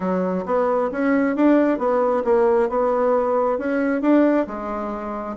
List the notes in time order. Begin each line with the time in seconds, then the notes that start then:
0.00 F#3
0.45 B3
0.91 C#4
1.36 D4
1.78 B3
2.24 A#3
2.69 B3
3.58 C#4
4.01 D4
4.46 G#3